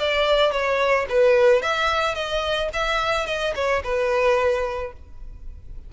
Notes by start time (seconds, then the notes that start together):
0.00 D5
0.52 C#5
1.10 B4
1.62 E5
2.15 D#5
2.73 E5
3.27 D#5
3.56 C#5
3.84 B4